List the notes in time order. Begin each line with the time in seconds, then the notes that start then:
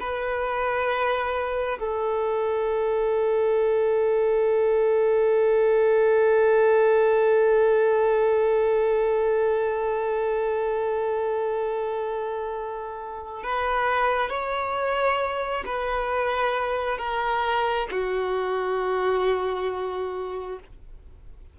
0.00 B4
1.79 A4
13.43 B4
14.30 C#5
15.66 B4
16.98 A#4
17.91 F#4